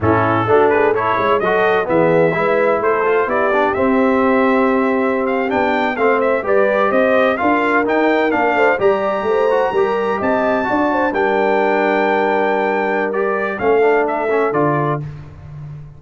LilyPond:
<<
  \new Staff \with { instrumentName = "trumpet" } { \time 4/4 \tempo 4 = 128 a'4. b'8 cis''4 dis''4 | e''2 c''4 d''4 | e''2.~ e''16 f''8 g''16~ | g''8. f''8 e''8 d''4 dis''4 f''16~ |
f''8. g''4 f''4 ais''4~ ais''16~ | ais''4.~ ais''16 a''2 g''16~ | g''1 | d''4 f''4 e''4 d''4 | }
  \new Staff \with { instrumentName = "horn" } { \time 4/4 e'4 fis'8 gis'8 a'8 cis''8 a'4 | gis'4 b'4 a'4 g'4~ | g'1~ | g'8. c''4 b'4 c''4 ais'16~ |
ais'2~ ais'16 c''8 d''4 c''16~ | c''8. ais'4 dis''4 d''8 c''8 ais'16~ | ais'1~ | ais'4 a'2. | }
  \new Staff \with { instrumentName = "trombone" } { \time 4/4 cis'4 d'4 e'4 fis'4 | b4 e'4. f'8 e'8 d'8 | c'2.~ c'8. d'16~ | d'8. c'4 g'2 f'16~ |
f'8. dis'4 d'4 g'4~ g'16~ | g'16 fis'8 g'2 fis'4 d'16~ | d'1 | g'4 cis'8 d'4 cis'8 f'4 | }
  \new Staff \with { instrumentName = "tuba" } { \time 4/4 a,4 a4. gis8 fis4 | e4 gis4 a4 b4 | c'2.~ c'8. b16~ | b8. a4 g4 c'4 d'16~ |
d'8. dis'4 ais8 a8 g4 a16~ | a8. g4 c'4 d'4 g16~ | g1~ | g4 a2 d4 | }
>>